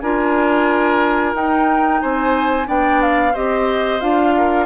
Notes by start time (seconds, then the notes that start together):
0.00 D4 F4 A#4 G#5
1.34 D#4 G5
2.01 C4 C5 G#5
2.65 B3 D4 D5 G5
3.02 F5
3.33 C4 G4 C5 D#5
4.00 D4 F4 F5
4.37 A#4